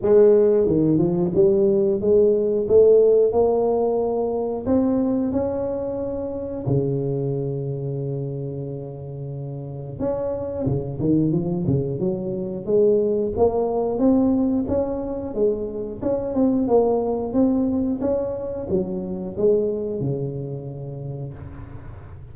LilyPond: \new Staff \with { instrumentName = "tuba" } { \time 4/4 \tempo 4 = 90 gis4 dis8 f8 g4 gis4 | a4 ais2 c'4 | cis'2 cis2~ | cis2. cis'4 |
cis8 dis8 f8 cis8 fis4 gis4 | ais4 c'4 cis'4 gis4 | cis'8 c'8 ais4 c'4 cis'4 | fis4 gis4 cis2 | }